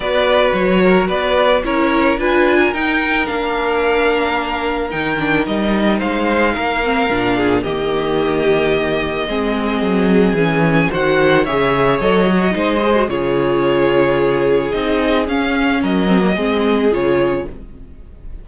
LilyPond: <<
  \new Staff \with { instrumentName = "violin" } { \time 4/4 \tempo 4 = 110 d''4 cis''4 d''4 cis''4 | gis''4 g''4 f''2~ | f''4 g''4 dis''4 f''4~ | f''2 dis''2~ |
dis''2. gis''4 | fis''4 e''4 dis''2 | cis''2. dis''4 | f''4 dis''2 cis''4 | }
  \new Staff \with { instrumentName = "violin" } { \time 4/4 b'4. ais'8 b'4 ais'4 | b'8. ais'2.~ ais'16~ | ais'2. c''4 | ais'4. gis'8 g'2~ |
g'4 gis'2. | c''4 cis''2 c''4 | gis'1~ | gis'4 ais'4 gis'2 | }
  \new Staff \with { instrumentName = "viola" } { \time 4/4 fis'2. e'4 | f'4 dis'4 d'2~ | d'4 dis'8 d'8 dis'2~ | dis'8 c'8 d'4 ais2~ |
ais4 c'2 cis'4 | fis'4 gis'4 a'8 fis'8 dis'8 gis'16 fis'16 | f'2. dis'4 | cis'4. c'16 ais16 c'4 f'4 | }
  \new Staff \with { instrumentName = "cello" } { \time 4/4 b4 fis4 b4 cis'4 | d'4 dis'4 ais2~ | ais4 dis4 g4 gis4 | ais4 ais,4 dis2~ |
dis4 gis4 fis4 e4 | dis4 cis4 fis4 gis4 | cis2. c'4 | cis'4 fis4 gis4 cis4 | }
>>